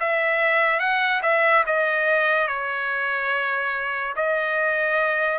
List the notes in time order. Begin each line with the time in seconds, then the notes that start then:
0.00 E5
0.79 F#5
1.22 E5
1.66 D#5
2.47 C#5
4.16 D#5